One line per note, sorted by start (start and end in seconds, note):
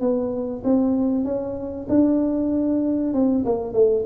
0.00 0.62 B3
0.64 1.24 C4
1.24 1.86 C#4
1.89 3.13 D4
3.13 3.44 C4
3.45 3.73 A#3
3.73 4.04 A3